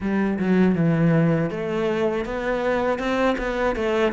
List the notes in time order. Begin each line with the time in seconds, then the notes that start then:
0.00 G3
0.39 F#3
0.75 E3
1.50 A3
2.25 B3
2.98 C4
3.38 B3
3.75 A3